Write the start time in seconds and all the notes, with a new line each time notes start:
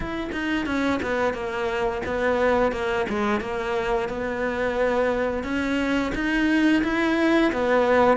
0.00 E4
0.32 D#4
0.65 C#4
1.02 B3
1.33 A#3
2.05 B3
2.71 A#3
3.09 G#3
3.40 A#3
4.08 B3
5.43 C#4
6.14 D#4
6.83 E4
7.52 B3